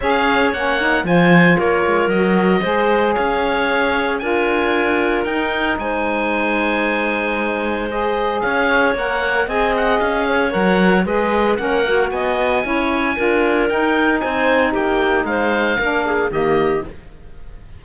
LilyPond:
<<
  \new Staff \with { instrumentName = "oboe" } { \time 4/4 \tempo 4 = 114 f''4 fis''4 gis''4 cis''4 | dis''2 f''2 | gis''2 g''4 gis''4~ | gis''2. dis''4 |
f''4 fis''4 gis''8 fis''8 f''4 | fis''4 dis''4 fis''4 gis''4~ | gis''2 g''4 gis''4 | g''4 f''2 dis''4 | }
  \new Staff \with { instrumentName = "clarinet" } { \time 4/4 cis''2 c''4 ais'4~ | ais'4 c''4 cis''2 | ais'2. c''4~ | c''1 |
cis''2 dis''4. cis''8~ | cis''4 b'4 ais'4 dis''4 | cis''4 ais'2 c''4 | g'4 c''4 ais'8 gis'8 g'4 | }
  \new Staff \with { instrumentName = "saxophone" } { \time 4/4 gis'4 cis'8 dis'8 f'2 | fis'4 gis'2. | f'2 dis'2~ | dis'2. gis'4~ |
gis'4 ais'4 gis'2 | ais'4 gis'4 cis'8 fis'4. | e'4 f'4 dis'2~ | dis'2 d'4 ais4 | }
  \new Staff \with { instrumentName = "cello" } { \time 4/4 cis'4 ais4 f4 ais8 gis8 | fis4 gis4 cis'2 | d'2 dis'4 gis4~ | gis1 |
cis'4 ais4 c'4 cis'4 | fis4 gis4 ais4 b4 | cis'4 d'4 dis'4 c'4 | ais4 gis4 ais4 dis4 | }
>>